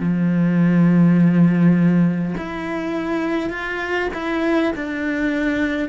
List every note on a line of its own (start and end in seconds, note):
0.00 2.35 F3
2.37 3.50 E4
3.50 4.09 F4
4.14 4.73 E4
4.76 5.89 D4